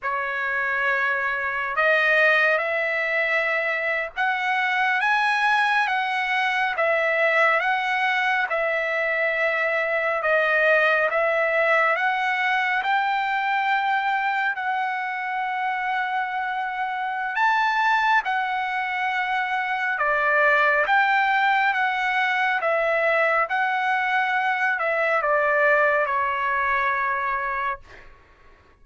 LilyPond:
\new Staff \with { instrumentName = "trumpet" } { \time 4/4 \tempo 4 = 69 cis''2 dis''4 e''4~ | e''8. fis''4 gis''4 fis''4 e''16~ | e''8. fis''4 e''2 dis''16~ | dis''8. e''4 fis''4 g''4~ g''16~ |
g''8. fis''2.~ fis''16 | a''4 fis''2 d''4 | g''4 fis''4 e''4 fis''4~ | fis''8 e''8 d''4 cis''2 | }